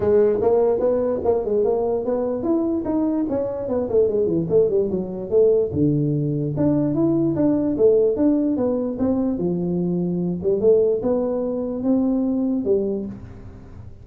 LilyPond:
\new Staff \with { instrumentName = "tuba" } { \time 4/4 \tempo 4 = 147 gis4 ais4 b4 ais8 gis8 | ais4 b4 e'4 dis'4 | cis'4 b8 a8 gis8 e8 a8 g8 | fis4 a4 d2 |
d'4 e'4 d'4 a4 | d'4 b4 c'4 f4~ | f4. g8 a4 b4~ | b4 c'2 g4 | }